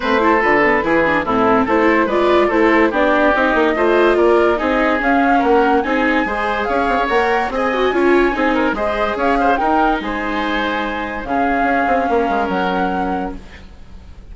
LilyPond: <<
  \new Staff \with { instrumentName = "flute" } { \time 4/4 \tempo 4 = 144 c''4 b'2 a'4 | c''4 d''4 c''4 d''4 | dis''2 d''4 dis''4 | f''4 fis''4 gis''2 |
f''4 fis''4 gis''2~ | gis''4 dis''4 f''4 g''4 | gis''2. f''4~ | f''2 fis''2 | }
  \new Staff \with { instrumentName = "oboe" } { \time 4/4 b'8 a'4. gis'4 e'4 | a'4 b'4 a'4 g'4~ | g'4 c''4 ais'4 gis'4~ | gis'4 ais'4 gis'4 c''4 |
cis''2 dis''4 cis''4 | gis'8 ais'8 c''4 cis''8 c''8 ais'4 | c''2. gis'4~ | gis'4 ais'2. | }
  \new Staff \with { instrumentName = "viola" } { \time 4/4 c'8 e'8 f'8 b8 e'8 d'8 c'4 | e'4 f'4 e'4 d'4 | dis'4 f'2 dis'4 | cis'2 dis'4 gis'4~ |
gis'4 ais'4 gis'8 fis'8 f'4 | dis'4 gis'2 dis'4~ | dis'2. cis'4~ | cis'1 | }
  \new Staff \with { instrumentName = "bassoon" } { \time 4/4 a4 d4 e4 a,4 | a4 gis4 a4 b4 | c'8 ais8 a4 ais4 c'4 | cis'4 ais4 c'4 gis4 |
cis'8 c'16 cis'16 ais4 c'4 cis'4 | c'4 gis4 cis'4 dis'4 | gis2. cis4 | cis'8 c'8 ais8 gis8 fis2 | }
>>